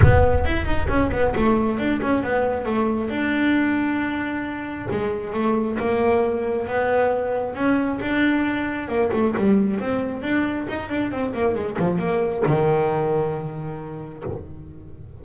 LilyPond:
\new Staff \with { instrumentName = "double bass" } { \time 4/4 \tempo 4 = 135 b4 e'8 dis'8 cis'8 b8 a4 | d'8 cis'8 b4 a4 d'4~ | d'2. gis4 | a4 ais2 b4~ |
b4 cis'4 d'2 | ais8 a8 g4 c'4 d'4 | dis'8 d'8 c'8 ais8 gis8 f8 ais4 | dis1 | }